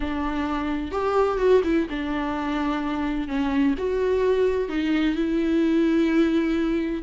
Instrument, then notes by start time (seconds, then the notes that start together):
viola
0.00 D4
0.91 G4
1.38 F#4
1.64 E4
1.89 D4
3.27 C#4
3.78 F#4
4.68 D#4
5.15 E4